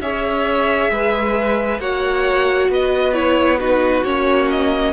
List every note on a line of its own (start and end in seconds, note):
0.00 0.90 C#4
0.00 1.81 G#4
0.00 0.91 C#5
0.00 1.80 E5
0.90 1.79 G#3
0.90 1.80 B4
1.79 2.68 A#3
1.79 3.14 F#4
1.79 2.70 C#5
1.79 2.70 F#5
2.68 4.03 B3
2.68 3.59 B4
2.68 3.13 D#5
3.13 3.59 E4
3.13 3.58 C#5
3.59 4.05 D#4
3.59 4.93 F#4
3.59 4.04 B4
4.04 4.93 A#3
4.04 4.93 C#4
4.04 4.49 C#5
4.50 4.93 D#5